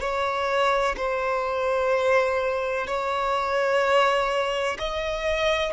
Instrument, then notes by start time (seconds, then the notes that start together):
violin
0.00 C#5
0.96 C5
2.87 C#5
4.78 D#5